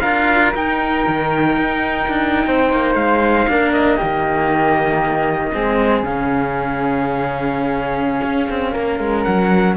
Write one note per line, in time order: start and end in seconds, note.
0.00 0.54 D4
0.00 0.54 F4
0.00 2.45 A#4
0.00 0.51 F5
0.54 3.49 D#4
0.54 1.06 D#4
0.54 2.95 G5
1.07 1.57 D#3
1.57 2.08 D#4
2.08 2.46 D4
2.47 2.73 C4
2.47 3.50 C5
2.73 2.95 A#3
2.95 3.46 G#3
2.95 3.72 F5
3.48 4.00 A#3
3.48 3.98 D4
3.48 3.97 A#4
3.73 6.03 D#5
3.97 5.54 D#3
3.97 5.52 A#3
3.97 5.51 G4
5.54 6.03 G#3
5.54 6.05 C4
5.54 8.72 G#4
6.03 8.21 C#3
6.03 9.76 C#4
6.03 9.24 F5
8.23 8.48 C#4
8.50 8.75 C4
8.72 9.00 A#3
8.72 9.75 A#4
9.00 9.25 G#3
9.24 9.76 F#3
9.24 9.75 F#5